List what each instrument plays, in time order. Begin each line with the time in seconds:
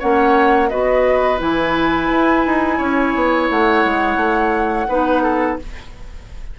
0.00 bassoon A#3, clarinet C#4, oboe C#5, flute F#5
0.70 bassoon B3, clarinet F#4, oboe B4, flute D#5
1.38 bassoon E3, clarinet E4, flute G#5
2.11 bassoon E4
2.46 bassoon D#4
2.78 bassoon C#4, oboe C#5
3.15 bassoon B3
3.50 bassoon A3, flute F#5
3.85 bassoon G#3
4.17 bassoon A3
4.89 bassoon B3, clarinet D#4, oboe B4
5.23 oboe A4